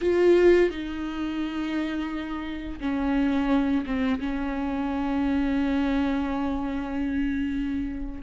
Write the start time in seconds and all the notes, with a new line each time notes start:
0.01 F4
0.70 D#4
2.80 C#4
3.86 C4
4.20 C#4